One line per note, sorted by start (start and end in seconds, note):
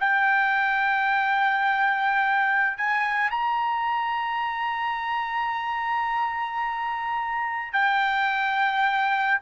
0.00 2.78 G5
2.78 3.31 G#5
3.31 7.73 A#5
7.73 9.40 G5